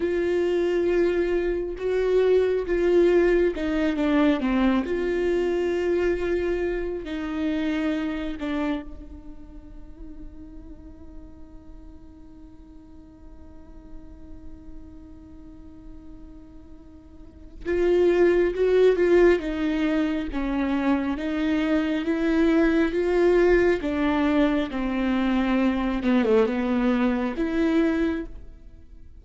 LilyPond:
\new Staff \with { instrumentName = "viola" } { \time 4/4 \tempo 4 = 68 f'2 fis'4 f'4 | dis'8 d'8 c'8 f'2~ f'8 | dis'4. d'8 dis'2~ | dis'1~ |
dis'1 | f'4 fis'8 f'8 dis'4 cis'4 | dis'4 e'4 f'4 d'4 | c'4. b16 a16 b4 e'4 | }